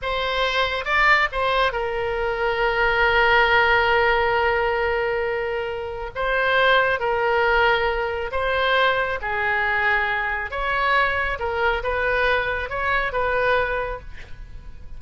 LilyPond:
\new Staff \with { instrumentName = "oboe" } { \time 4/4 \tempo 4 = 137 c''2 d''4 c''4 | ais'1~ | ais'1~ | ais'2 c''2 |
ais'2. c''4~ | c''4 gis'2. | cis''2 ais'4 b'4~ | b'4 cis''4 b'2 | }